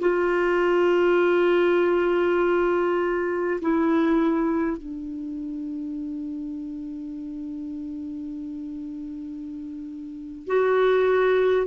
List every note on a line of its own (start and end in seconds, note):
0.00 3.60 F4
3.61 4.77 E4
4.77 10.47 D4
10.47 11.67 F#4